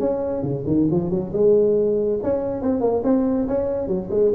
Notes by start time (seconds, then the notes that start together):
0.00 C#4
0.43 C#3
0.67 D#3
0.91 F3
1.10 F#3
1.33 G#3
2.23 C#4
2.62 C4
2.81 A#3
3.04 C4
3.48 C#4
3.88 F#3
4.10 G#3